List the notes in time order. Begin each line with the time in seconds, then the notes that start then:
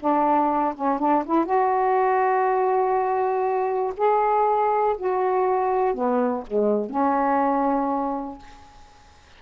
0.00 D4
0.75 C#4
0.99 D4
1.25 E4
1.45 F#4
3.97 G#4
4.98 F#4
5.94 B3
6.47 G#3
6.90 C#4